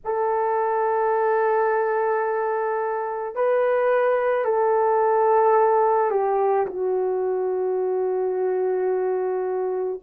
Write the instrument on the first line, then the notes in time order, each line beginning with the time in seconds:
horn
0.04 A4
3.35 B4
4.44 A4
6.10 G4
6.66 F#4